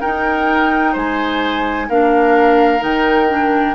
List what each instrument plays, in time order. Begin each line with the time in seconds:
0.00 clarinet D#4, bassoon D#4, oboe A#4, flute G5
0.92 bassoon G#3, oboe C5, flute G#5
1.88 bassoon A#3, clarinet D4, oboe A#4, flute F5
2.79 bassoon D#3, clarinet D#4, flute G5
3.28 clarinet D4